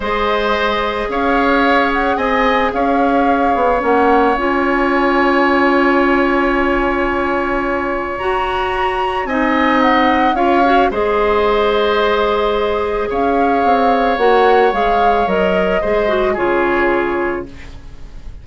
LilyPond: <<
  \new Staff \with { instrumentName = "flute" } { \time 4/4 \tempo 4 = 110 dis''2 f''4. fis''8 | gis''4 f''2 fis''4 | gis''1~ | gis''2. ais''4~ |
ais''4 gis''4 fis''4 f''4 | dis''1 | f''2 fis''4 f''4 | dis''2 cis''2 | }
  \new Staff \with { instrumentName = "oboe" } { \time 4/4 c''2 cis''2 | dis''4 cis''2.~ | cis''1~ | cis''1~ |
cis''4 dis''2 cis''4 | c''1 | cis''1~ | cis''4 c''4 gis'2 | }
  \new Staff \with { instrumentName = "clarinet" } { \time 4/4 gis'1~ | gis'2. cis'4 | f'1~ | f'2. fis'4~ |
fis'4 dis'2 f'8 fis'8 | gis'1~ | gis'2 fis'4 gis'4 | ais'4 gis'8 fis'8 f'2 | }
  \new Staff \with { instrumentName = "bassoon" } { \time 4/4 gis2 cis'2 | c'4 cis'4. b8 ais4 | cis'1~ | cis'2. fis'4~ |
fis'4 c'2 cis'4 | gis1 | cis'4 c'4 ais4 gis4 | fis4 gis4 cis2 | }
>>